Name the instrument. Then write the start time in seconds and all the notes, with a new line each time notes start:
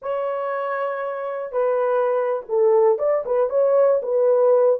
horn
0.01 C#5
1.51 B4
2.49 A4
2.98 D5
3.25 B4
3.49 C#5
4.02 B4